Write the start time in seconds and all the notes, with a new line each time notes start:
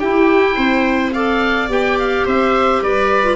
0.00 E4 G4 G5
0.56 C4 C5
1.13 A4 D5 F5
1.70 B3 G4 G5
1.99 F5
2.26 C4 C5 E5
2.83 G3 B4 D5
3.23 F4